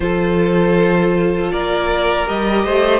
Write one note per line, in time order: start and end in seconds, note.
0.00 1.51 F3
0.00 2.26 F4
0.00 1.52 A4
0.00 1.51 C5
1.51 2.28 A#3
1.51 2.64 A#4
1.51 2.27 D5
2.26 2.64 G3
2.26 3.00 G4
2.26 3.00 D#5
2.64 3.00 A3
2.64 3.00 C5